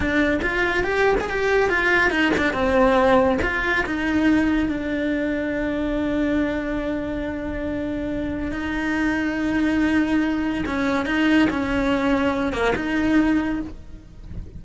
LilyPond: \new Staff \with { instrumentName = "cello" } { \time 4/4 \tempo 4 = 141 d'4 f'4 g'8. gis'16 g'4 | f'4 dis'8 d'8 c'2 | f'4 dis'2 d'4~ | d'1~ |
d'1 | dis'1~ | dis'4 cis'4 dis'4 cis'4~ | cis'4. ais8 dis'2 | }